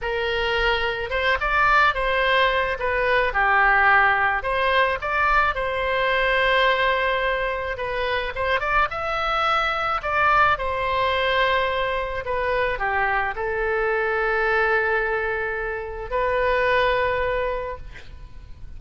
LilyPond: \new Staff \with { instrumentName = "oboe" } { \time 4/4 \tempo 4 = 108 ais'2 c''8 d''4 c''8~ | c''4 b'4 g'2 | c''4 d''4 c''2~ | c''2 b'4 c''8 d''8 |
e''2 d''4 c''4~ | c''2 b'4 g'4 | a'1~ | a'4 b'2. | }